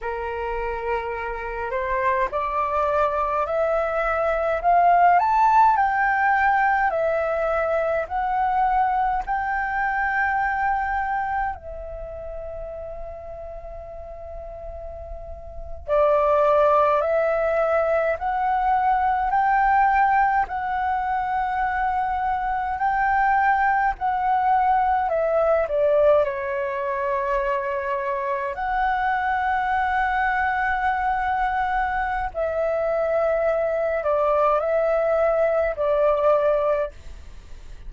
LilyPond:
\new Staff \with { instrumentName = "flute" } { \time 4/4 \tempo 4 = 52 ais'4. c''8 d''4 e''4 | f''8 a''8 g''4 e''4 fis''4 | g''2 e''2~ | e''4.~ e''16 d''4 e''4 fis''16~ |
fis''8. g''4 fis''2 g''16~ | g''8. fis''4 e''8 d''8 cis''4~ cis''16~ | cis''8. fis''2.~ fis''16 | e''4. d''8 e''4 d''4 | }